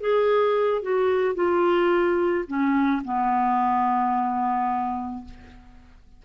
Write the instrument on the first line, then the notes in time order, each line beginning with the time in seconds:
clarinet
0.00 G#4
0.81 F#4
1.34 F4
2.47 C#4
3.04 B3